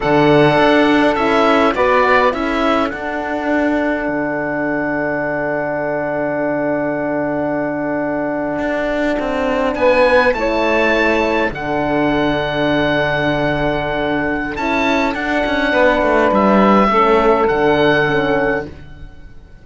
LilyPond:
<<
  \new Staff \with { instrumentName = "oboe" } { \time 4/4 \tempo 4 = 103 fis''2 e''4 d''4 | e''4 fis''2.~ | fis''1~ | fis''1~ |
fis''8. gis''4 a''2 fis''16~ | fis''1~ | fis''4 a''4 fis''2 | e''2 fis''2 | }
  \new Staff \with { instrumentName = "saxophone" } { \time 4/4 a'2. b'4 | a'1~ | a'1~ | a'1~ |
a'8. b'4 cis''2 a'16~ | a'1~ | a'2. b'4~ | b'4 a'2. | }
  \new Staff \with { instrumentName = "horn" } { \time 4/4 d'2 e'4 fis'4 | e'4 d'2.~ | d'1~ | d'1~ |
d'4.~ d'16 e'2 d'16~ | d'1~ | d'4 e'4 d'2~ | d'4 cis'4 d'4 cis'4 | }
  \new Staff \with { instrumentName = "cello" } { \time 4/4 d4 d'4 cis'4 b4 | cis'4 d'2 d4~ | d1~ | d2~ d8. d'4 c'16~ |
c'8. b4 a2 d16~ | d1~ | d4 cis'4 d'8 cis'8 b8 a8 | g4 a4 d2 | }
>>